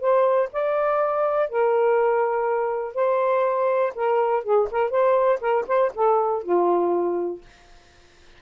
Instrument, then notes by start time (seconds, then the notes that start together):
saxophone
0.00 C5
0.53 D5
1.49 A#4
2.94 C5
3.95 A#4
4.43 G#4
4.71 A#4
4.90 C5
5.41 A#4
5.67 C5
5.95 A4
6.43 F4